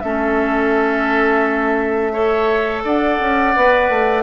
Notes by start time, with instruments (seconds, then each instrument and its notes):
0.00 bassoon A3, clarinet C#4, oboe A4, flute E5
2.13 clarinet A4, oboe C#5
2.84 bassoon D4, oboe D5, flute F#5
3.20 bassoon C#4
3.56 bassoon B3, clarinet B4
3.90 bassoon A3